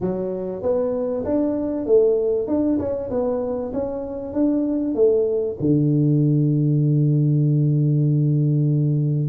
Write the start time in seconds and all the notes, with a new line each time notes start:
0.00 F#3
0.62 B3
1.25 D4
1.86 A3
2.47 D4
2.79 C#4
3.10 B3
3.73 C#4
4.33 D4
4.95 A3
5.60 D3